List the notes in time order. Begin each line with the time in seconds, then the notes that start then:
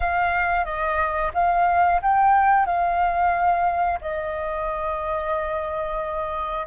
0.00 F5
0.65 D#5
1.34 F5
2.02 G5
2.65 F5
4.01 D#5